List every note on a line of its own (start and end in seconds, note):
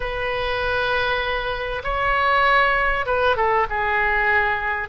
0.00 1.82 B4
1.83 3.06 C#5
3.06 3.36 B4
3.36 3.67 A4
3.69 4.88 G#4